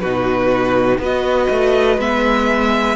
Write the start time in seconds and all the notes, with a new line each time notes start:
0.00 B2 D#4 F#4 B4
0.99 B3 F#4 B4 D#5
1.50 A3
1.98 G#3 B3 E5